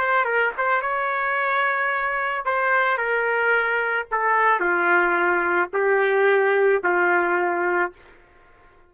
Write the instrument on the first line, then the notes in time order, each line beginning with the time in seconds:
trumpet
0.00 C5
0.26 A#4
0.58 C5
0.82 C#5
2.46 C5
2.98 A#4
4.12 A4
4.60 F4
5.74 G4
6.84 F4